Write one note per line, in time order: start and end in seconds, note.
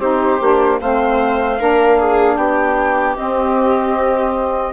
0.00 0.39 C4
0.00 0.40 D#4
0.00 0.80 G4
0.00 0.80 C5
0.41 0.81 A#3
0.41 0.80 D4
0.81 1.61 A3
0.81 1.59 C4
0.81 1.60 C5
0.81 2.37 F5
1.59 2.37 A#3
1.59 3.16 D4
1.59 1.99 A#4
1.99 2.38 G#4
2.37 3.16 B3
2.37 4.73 G4
2.37 3.16 G5
3.16 4.73 C4
3.16 4.73 D#5